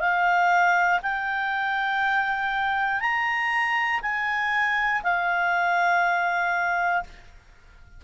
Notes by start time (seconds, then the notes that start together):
0.00 F5
1.02 G5
3.00 A#5
4.02 G#5
5.03 F5